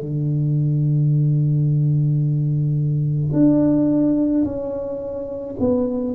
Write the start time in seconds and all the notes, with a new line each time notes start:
0.00 D3
3.32 D4
4.44 C#4
5.60 B3